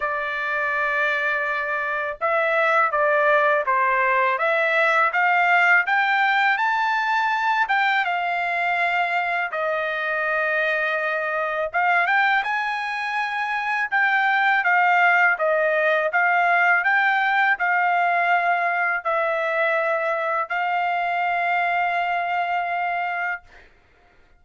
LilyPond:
\new Staff \with { instrumentName = "trumpet" } { \time 4/4 \tempo 4 = 82 d''2. e''4 | d''4 c''4 e''4 f''4 | g''4 a''4. g''8 f''4~ | f''4 dis''2. |
f''8 g''8 gis''2 g''4 | f''4 dis''4 f''4 g''4 | f''2 e''2 | f''1 | }